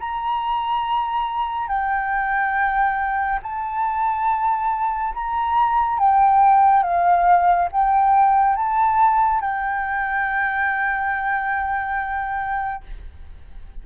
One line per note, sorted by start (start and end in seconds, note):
0.00 1.68 A#5
1.68 3.40 G5
3.43 5.14 A5
5.15 5.99 A#5
5.99 6.83 G5
6.83 7.69 F5
7.72 8.56 G5
8.56 9.41 A5
9.41 12.84 G5